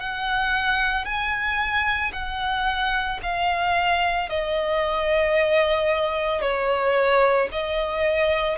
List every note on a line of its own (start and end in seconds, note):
0.00 1.05 F#5
1.05 2.12 G#5
2.13 3.20 F#5
3.23 4.30 F5
4.30 6.42 D#5
6.42 7.49 C#5
7.52 8.59 D#5